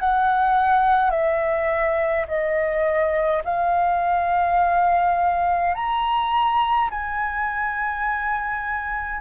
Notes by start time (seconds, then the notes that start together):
0.00 F#5
1.11 E5
2.28 D#5
3.45 F5
5.75 A#5
6.90 G#5